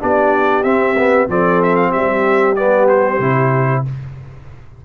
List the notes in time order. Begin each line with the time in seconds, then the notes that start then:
0.00 B3 D4 G4 D5
0.64 C4 E5
0.98 B3
1.29 F3 C4 A4 D5
1.63 E5
1.76 F5
1.91 G3 G4 E5
2.56 B3 D5
2.89 C5
3.19 C3 E4